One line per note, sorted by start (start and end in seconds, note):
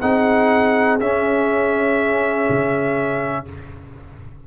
0.00 1.00 C4
0.00 0.99 D#4
0.00 3.44 G#4
0.00 0.98 F#5
0.99 3.45 C#4
0.99 2.48 C#4
0.99 3.46 E5
2.49 3.47 C#3